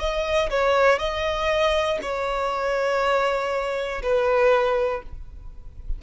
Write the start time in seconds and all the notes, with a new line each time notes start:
0.00 D#5
0.50 C#5
0.99 D#5
2.02 C#5
4.03 B4